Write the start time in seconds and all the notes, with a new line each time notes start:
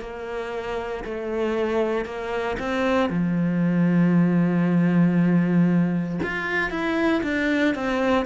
0.00 A#3
1.04 A3
2.05 A#3
2.59 C4
3.09 F3
6.23 F4
6.70 E4
7.23 D4
7.74 C4